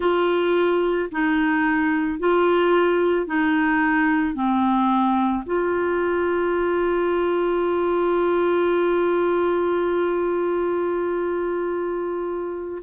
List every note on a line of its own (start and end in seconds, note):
0.00 1.09 F4
1.12 2.19 D#4
2.19 3.26 F4
3.26 4.34 D#4
4.34 5.43 C4
5.45 12.82 F4